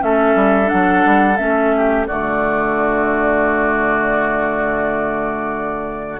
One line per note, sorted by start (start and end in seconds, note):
0.00 0.35 A3
0.00 0.65 C#4
0.00 1.76 A4
0.00 0.69 E5
0.35 0.70 G3
0.65 1.34 D4
0.65 1.37 F#5
0.73 1.05 F#3
1.05 1.38 G3
1.37 2.07 A3
1.37 2.07 C#4
1.37 2.06 E5
1.76 2.07 G4
2.07 6.20 D3
2.07 6.20 A3
2.07 6.20 F#4
2.07 6.20 D5